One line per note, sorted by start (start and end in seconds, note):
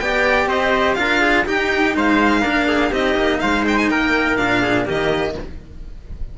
0.00 0.47 B3
0.00 0.97 G4
0.00 0.49 D5
0.00 0.49 G5
0.47 0.96 C4
0.47 0.98 C5
0.47 0.95 D#5
0.95 1.47 D4
0.95 1.46 F4
0.95 1.21 A#4
0.95 1.43 F5
1.21 1.46 G#4
1.46 2.42 D#4
1.46 1.96 D#4
1.46 1.96 G4
1.46 1.97 G5
1.96 2.45 G#3
1.96 2.42 C5
1.96 2.94 F5
2.42 2.92 A#3
2.42 2.91 D4
2.42 2.66 A#4
2.68 2.90 G#4
2.90 3.16 C4
2.90 4.37 D#4
2.90 3.39 G4
2.90 3.40 D#5
3.16 3.40 A#3
3.40 3.91 G#3
3.40 3.91 C5
3.40 3.65 F5
3.68 3.78 G5
3.78 3.90 G#5
3.90 4.39 A#3
3.90 4.62 A#4
3.90 4.37 G5
4.37 4.87 A#2
4.37 4.86 D4
4.37 4.86 F5
4.62 4.87 G#4
4.86 5.39 D#3
4.86 5.35 A#3
4.86 5.36 G4
4.86 5.38 D#5